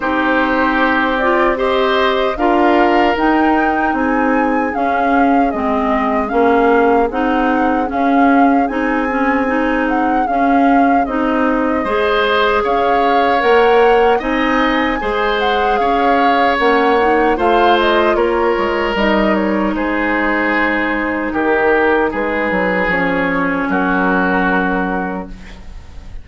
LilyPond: <<
  \new Staff \with { instrumentName = "flute" } { \time 4/4 \tempo 4 = 76 c''4. d''8 dis''4 f''4 | g''4 gis''4 f''4 dis''4 | f''4 fis''4 f''4 gis''4~ | gis''8 fis''8 f''4 dis''2 |
f''4 fis''4 gis''4. fis''8 | f''4 fis''4 f''8 dis''8 cis''4 | dis''8 cis''8 c''2 ais'4 | b'4 cis''4 ais'2 | }
  \new Staff \with { instrumentName = "oboe" } { \time 4/4 g'2 c''4 ais'4~ | ais'4 gis'2.~ | gis'1~ | gis'2. c''4 |
cis''2 dis''4 c''4 | cis''2 c''4 ais'4~ | ais'4 gis'2 g'4 | gis'2 fis'2 | }
  \new Staff \with { instrumentName = "clarinet" } { \time 4/4 dis'4. f'8 g'4 f'4 | dis'2 cis'4 c'4 | cis'4 dis'4 cis'4 dis'8 cis'8 | dis'4 cis'4 dis'4 gis'4~ |
gis'4 ais'4 dis'4 gis'4~ | gis'4 cis'8 dis'8 f'2 | dis'1~ | dis'4 cis'2. | }
  \new Staff \with { instrumentName = "bassoon" } { \time 4/4 c'2. d'4 | dis'4 c'4 cis'4 gis4 | ais4 c'4 cis'4 c'4~ | c'4 cis'4 c'4 gis4 |
cis'4 ais4 c'4 gis4 | cis'4 ais4 a4 ais8 gis8 | g4 gis2 dis4 | gis8 fis8 f4 fis2 | }
>>